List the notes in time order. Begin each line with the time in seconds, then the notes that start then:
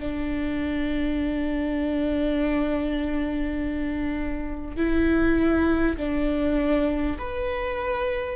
0.00 D4
4.77 E4
5.97 D4
7.18 B4